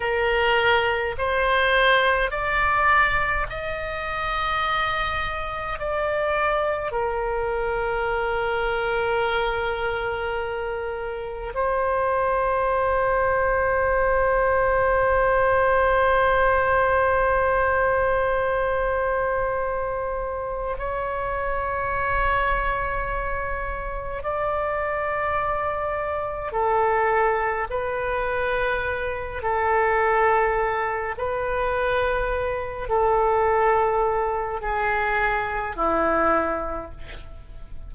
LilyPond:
\new Staff \with { instrumentName = "oboe" } { \time 4/4 \tempo 4 = 52 ais'4 c''4 d''4 dis''4~ | dis''4 d''4 ais'2~ | ais'2 c''2~ | c''1~ |
c''2 cis''2~ | cis''4 d''2 a'4 | b'4. a'4. b'4~ | b'8 a'4. gis'4 e'4 | }